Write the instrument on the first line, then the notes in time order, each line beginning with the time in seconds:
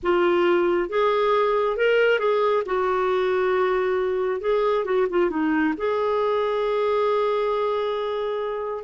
clarinet
0.02 F4
0.89 G#4
1.76 A#4
2.19 G#4
2.65 F#4
4.40 G#4
4.84 F#4
5.10 F4
5.29 D#4
5.77 G#4